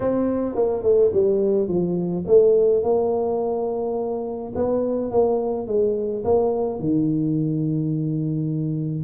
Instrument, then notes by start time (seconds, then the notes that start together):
tuba
0.00 C4
0.55 A#3
0.82 A3
1.13 G3
1.67 F3
2.27 A3
2.83 A#3
4.55 B3
5.11 A#3
5.67 G#3
6.24 A#3
6.79 D#3